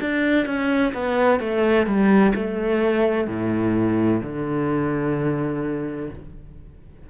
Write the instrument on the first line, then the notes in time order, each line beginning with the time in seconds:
cello
0.00 D4
0.46 C#4
0.93 B3
1.39 A3
1.86 G3
2.35 A3
3.27 A2
4.22 D3